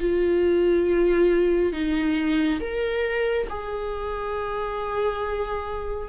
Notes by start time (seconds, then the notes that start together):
0.00 F4
1.73 D#4
2.60 A#4
3.49 G#4